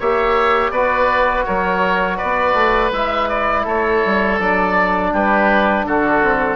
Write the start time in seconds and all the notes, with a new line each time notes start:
0.00 A#3 G4 C#5 E5
0.71 B3 F#4 B4 D5
1.46 F#3 A#4 C#5
2.17 B4 D5
2.23 B3
2.54 A3
2.92 G#3 E4 E5
3.29 D5
3.64 A3 A4 C#5
4.06 G3
4.40 F#3 D4 D5
5.13 G3 G4 B4
5.84 D3 F#4 A4
6.23 C4